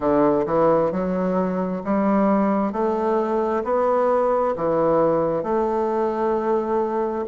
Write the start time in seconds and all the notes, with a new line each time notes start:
0.00 D3
0.45 E3
0.91 F#3
1.84 G3
2.72 A3
3.64 B3
4.55 E3
5.43 A3